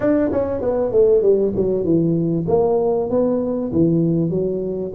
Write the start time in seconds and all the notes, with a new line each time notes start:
0.00 D4
0.31 C#4
0.61 B3
0.91 A3
1.21 G3
1.55 F#3
1.84 E3
2.48 A#3
3.10 B3
3.72 E3
4.30 F#3